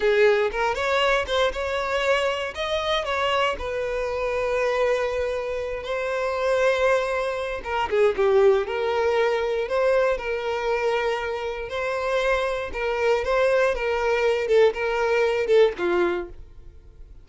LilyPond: \new Staff \with { instrumentName = "violin" } { \time 4/4 \tempo 4 = 118 gis'4 ais'8 cis''4 c''8 cis''4~ | cis''4 dis''4 cis''4 b'4~ | b'2.~ b'8 c''8~ | c''2. ais'8 gis'8 |
g'4 ais'2 c''4 | ais'2. c''4~ | c''4 ais'4 c''4 ais'4~ | ais'8 a'8 ais'4. a'8 f'4 | }